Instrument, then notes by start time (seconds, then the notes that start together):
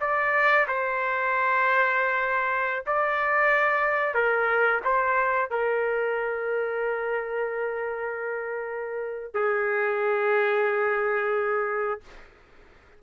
trumpet
0.00 D5
0.67 C5
2.86 D5
4.14 A#4
4.84 C5
5.50 A#4
9.34 G#4